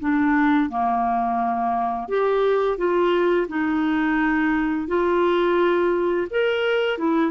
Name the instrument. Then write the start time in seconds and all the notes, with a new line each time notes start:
clarinet
0.00 D4
0.70 A#3
2.09 G4
2.78 F4
3.49 D#4
4.88 F4
6.30 A#4
6.98 E4